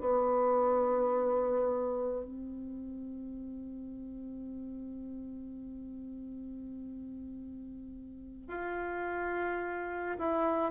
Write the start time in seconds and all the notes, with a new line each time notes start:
0.00 B3
2.25 C4
8.48 F4
10.18 E4